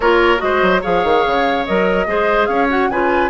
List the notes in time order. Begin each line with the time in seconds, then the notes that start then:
0.00 A#3 F4 A#4 C#5
0.37 G#3 F#4 D#5
0.44 C5
0.62 F#3
0.81 F3 G#4 C#5 F5
1.04 D#3
1.26 C#3
1.66 F#3 A#4 D#5
2.06 G#3 G#4 C5
2.46 C#4 C#5 F5
2.69 F#4 F#5
2.89 C#3 F4 B4 G#5